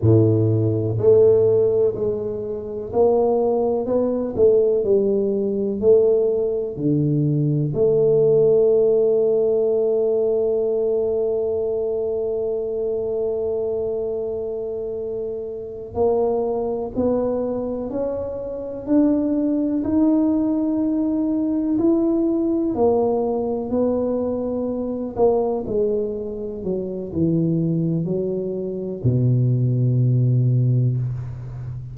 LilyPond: \new Staff \with { instrumentName = "tuba" } { \time 4/4 \tempo 4 = 62 a,4 a4 gis4 ais4 | b8 a8 g4 a4 d4 | a1~ | a1~ |
a8 ais4 b4 cis'4 d'8~ | d'8 dis'2 e'4 ais8~ | ais8 b4. ais8 gis4 fis8 | e4 fis4 b,2 | }